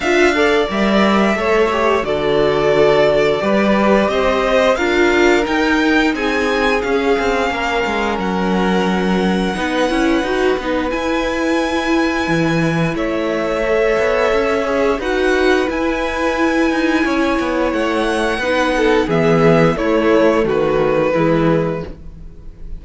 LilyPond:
<<
  \new Staff \with { instrumentName = "violin" } { \time 4/4 \tempo 4 = 88 f''4 e''2 d''4~ | d''2 dis''4 f''4 | g''4 gis''4 f''2 | fis''1 |
gis''2. e''4~ | e''2 fis''4 gis''4~ | gis''2 fis''2 | e''4 cis''4 b'2 | }
  \new Staff \with { instrumentName = "violin" } { \time 4/4 e''8 d''4. cis''4 a'4~ | a'4 b'4 c''4 ais'4~ | ais'4 gis'2 ais'4~ | ais'2 b'2~ |
b'2. cis''4~ | cis''2 b'2~ | b'4 cis''2 b'8 a'8 | gis'4 e'4 fis'4 e'4 | }
  \new Staff \with { instrumentName = "viola" } { \time 4/4 f'8 a'8 ais'4 a'8 g'8 fis'4~ | fis'4 g'2 f'4 | dis'2 cis'2~ | cis'2 dis'8 e'8 fis'8 dis'8 |
e'1 | a'4. gis'8 fis'4 e'4~ | e'2. dis'4 | b4 a2 gis4 | }
  \new Staff \with { instrumentName = "cello" } { \time 4/4 d'4 g4 a4 d4~ | d4 g4 c'4 d'4 | dis'4 c'4 cis'8 c'8 ais8 gis8 | fis2 b8 cis'8 dis'8 b8 |
e'2 e4 a4~ | a8 b8 cis'4 dis'4 e'4~ | e'8 dis'8 cis'8 b8 a4 b4 | e4 a4 dis4 e4 | }
>>